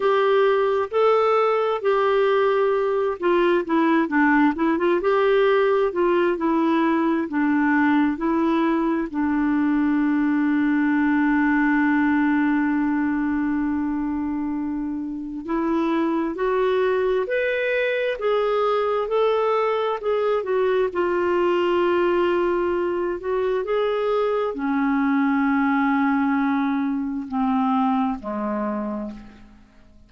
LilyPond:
\new Staff \with { instrumentName = "clarinet" } { \time 4/4 \tempo 4 = 66 g'4 a'4 g'4. f'8 | e'8 d'8 e'16 f'16 g'4 f'8 e'4 | d'4 e'4 d'2~ | d'1~ |
d'4 e'4 fis'4 b'4 | gis'4 a'4 gis'8 fis'8 f'4~ | f'4. fis'8 gis'4 cis'4~ | cis'2 c'4 gis4 | }